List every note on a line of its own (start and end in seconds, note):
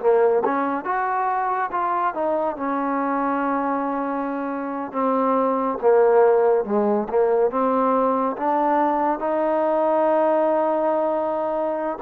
0.00 0.43 A#3
0.44 0.84 C#4
0.84 1.70 F#4
1.71 2.14 F4
2.14 2.56 D#4
2.56 4.92 C#4
4.92 5.78 C4
5.81 6.64 A#3
6.64 7.07 G#3
7.09 7.50 A#3
7.50 8.36 C4
8.36 9.19 D4
9.19 11.98 D#4